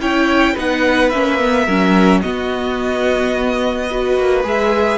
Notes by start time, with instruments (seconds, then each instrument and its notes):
0.00 cello C#4, viola E4, violin C#5 G5
0.54 cello B3, viola D#4, violin B4
0.60 violin F#5
1.10 cello A#3, viola C#4, violin E5
1.41 viola B3
1.66 cello F#3, viola C#4, violin A#4
2.22 viola B3, cello B3, violin F#4 D#5
3.91 viola F#4, violin B4
4.18 cello A#3
4.44 cello G#3, viola G#4, violin E5